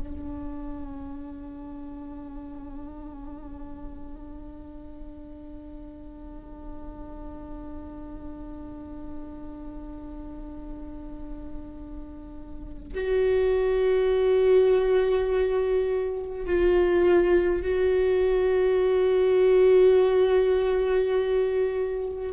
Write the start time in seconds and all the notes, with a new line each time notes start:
0.00 D4
12.95 F#4
16.46 F4
17.62 F#4